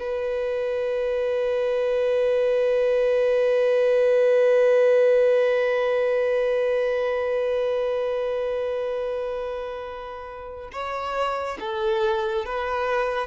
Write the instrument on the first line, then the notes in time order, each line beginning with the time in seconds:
violin
0.00 B4
10.73 C#5
11.60 A4
12.46 B4